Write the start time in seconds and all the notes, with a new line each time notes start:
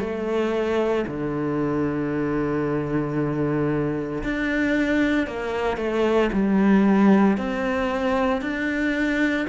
0.00 A3
1.07 D3
4.23 D4
5.27 A#3
5.77 A3
6.33 G3
7.38 C4
8.41 D4